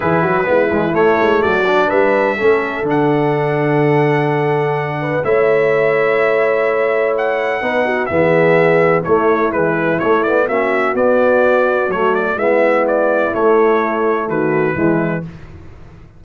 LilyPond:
<<
  \new Staff \with { instrumentName = "trumpet" } { \time 4/4 \tempo 4 = 126 b'2 cis''4 d''4 | e''2 fis''2~ | fis''2. e''4~ | e''2. fis''4~ |
fis''4 e''2 cis''4 | b'4 cis''8 d''8 e''4 d''4~ | d''4 cis''8 d''8 e''4 d''4 | cis''2 b'2 | }
  \new Staff \with { instrumentName = "horn" } { \time 4/4 gis'8 fis'8 e'2 fis'4 | b'4 a'2.~ | a'2~ a'8 b'8 cis''4~ | cis''1 |
b'8 fis'8 gis'2 e'4~ | e'2 fis'2~ | fis'2 e'2~ | e'2 fis'4 e'4 | }
  \new Staff \with { instrumentName = "trombone" } { \time 4/4 e'4 b8 gis8 a4. d'8~ | d'4 cis'4 d'2~ | d'2. e'4~ | e'1 |
dis'4 b2 a4 | e4 a8 b8 cis'4 b4~ | b4 a4 b2 | a2. gis4 | }
  \new Staff \with { instrumentName = "tuba" } { \time 4/4 e8 fis8 gis8 e8 a8 gis8 fis4 | g4 a4 d2~ | d2. a4~ | a1 |
b4 e2 a4 | gis4 a4 ais4 b4~ | b4 fis4 gis2 | a2 dis4 e4 | }
>>